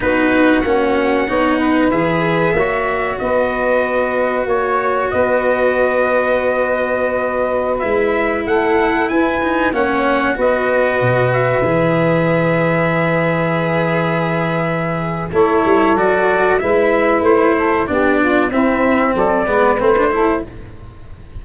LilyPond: <<
  \new Staff \with { instrumentName = "trumpet" } { \time 4/4 \tempo 4 = 94 b'4 fis''2 e''4~ | e''4 dis''2 cis''4 | dis''1~ | dis''16 e''4 fis''4 gis''4 fis''8.~ |
fis''16 dis''4. e''2~ e''16~ | e''1 | cis''4 d''4 e''4 c''4 | d''4 e''4 d''4 c''4 | }
  \new Staff \with { instrumentName = "saxophone" } { \time 4/4 fis'2 cis''8 b'4. | cis''4 b'2 cis''4 | b'1~ | b'4~ b'16 a'4 b'4 cis''8.~ |
cis''16 b'2.~ b'8.~ | b'1 | a'2 b'4. a'8 | g'8 f'8 e'4 a'8 b'4 a'8 | }
  \new Staff \with { instrumentName = "cello" } { \time 4/4 dis'4 cis'4 dis'4 gis'4 | fis'1~ | fis'1~ | fis'16 e'2~ e'8 dis'8 cis'8.~ |
cis'16 fis'2 gis'4.~ gis'16~ | gis'1 | e'4 fis'4 e'2 | d'4 c'4. b8 c'16 d'16 e'8 | }
  \new Staff \with { instrumentName = "tuba" } { \time 4/4 b4 ais4 b4 e4 | ais4 b2 ais4 | b1~ | b16 gis4 a4 e'4 ais8.~ |
ais16 b4 b,4 e4.~ e16~ | e1 | a8 g8 fis4 gis4 a4 | b4 c'4 fis8 gis8 a4 | }
>>